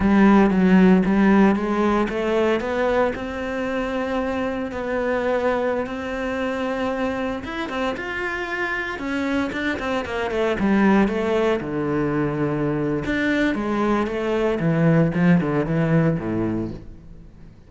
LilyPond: \new Staff \with { instrumentName = "cello" } { \time 4/4 \tempo 4 = 115 g4 fis4 g4 gis4 | a4 b4 c'2~ | c'4 b2~ b16 c'8.~ | c'2~ c'16 e'8 c'8 f'8.~ |
f'4~ f'16 cis'4 d'8 c'8 ais8 a16~ | a16 g4 a4 d4.~ d16~ | d4 d'4 gis4 a4 | e4 f8 d8 e4 a,4 | }